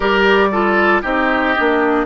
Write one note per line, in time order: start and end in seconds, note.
0.00 1.03 G3
0.00 0.51 G4
0.00 0.48 A#4
0.00 1.01 D5
0.52 1.02 F4
0.52 1.02 A4
1.02 1.55 C4
1.02 1.54 D#4
1.02 2.05 G4
1.02 2.05 D#5
1.56 2.05 A#3
1.56 2.05 D4